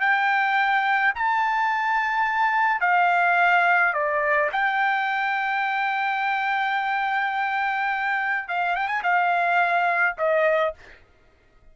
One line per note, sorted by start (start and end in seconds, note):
0.00 1.13 G5
1.15 2.80 A5
2.80 3.93 F5
3.93 4.50 D5
4.52 8.48 G5
8.48 8.76 F5
8.76 8.88 G5
8.88 9.02 G#5
9.03 10.16 F5
10.17 10.74 D#5